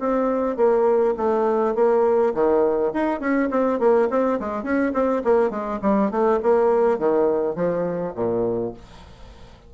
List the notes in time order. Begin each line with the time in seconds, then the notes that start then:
0.00 C4
0.57 A#3
1.17 A3
1.76 A#3
2.35 D#3
2.94 D#4
3.20 C#4
3.51 C4
3.80 A#3
4.11 C4
4.40 G#3
4.64 C#4
4.94 C4
5.25 A#3
5.50 G#3
5.82 G3
6.11 A3
6.43 A#3
6.99 D#3
7.56 F3
8.15 A#2